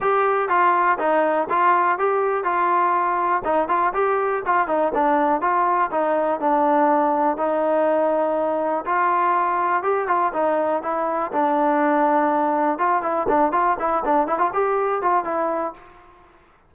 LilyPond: \new Staff \with { instrumentName = "trombone" } { \time 4/4 \tempo 4 = 122 g'4 f'4 dis'4 f'4 | g'4 f'2 dis'8 f'8 | g'4 f'8 dis'8 d'4 f'4 | dis'4 d'2 dis'4~ |
dis'2 f'2 | g'8 f'8 dis'4 e'4 d'4~ | d'2 f'8 e'8 d'8 f'8 | e'8 d'8 e'16 f'16 g'4 f'8 e'4 | }